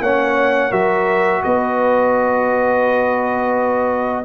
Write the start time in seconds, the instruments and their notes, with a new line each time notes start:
0.00 tuba A#3, trombone C#4, horn C#5, trumpet F#5
0.69 tuba F#3, trombone F#4, horn A#4, trumpet E5
1.43 tuba B3, horn B4, trumpet D#5